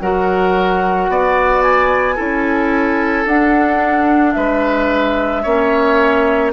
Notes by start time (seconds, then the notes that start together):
0.00 F#3 F#4 A#4 F#5
1.09 B3 D5
1.62 G#5
2.15 C#4 E4 A4
3.25 D4 F#5
4.33 G#3 B4 E5
5.42 A#3 C#4 C#5